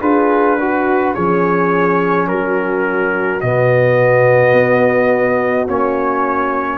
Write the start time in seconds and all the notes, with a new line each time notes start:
0.00 D4 F4 G#4 B4
0.59 F#4
1.14 F3 C#4 G#4 C#5
2.28 F#3 F#4 A#4
3.41 B2 B3 D#5
4.53 B3
5.67 A#3 C#4 C#5